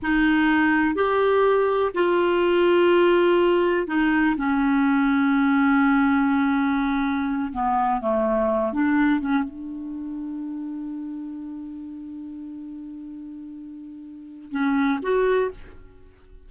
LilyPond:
\new Staff \with { instrumentName = "clarinet" } { \time 4/4 \tempo 4 = 124 dis'2 g'2 | f'1 | dis'4 cis'2.~ | cis'2.~ cis'8 b8~ |
b8 a4. d'4 cis'8 d'8~ | d'1~ | d'1~ | d'2 cis'4 fis'4 | }